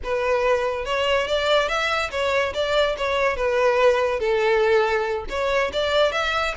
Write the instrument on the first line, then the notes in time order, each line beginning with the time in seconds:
violin
0.03 B4
0.85 C#5
1.27 D5
1.68 E5
2.10 C#5
2.54 D5
2.97 C#5
3.36 B4
4.19 A4
5.29 C#5
5.72 D5
6.12 E5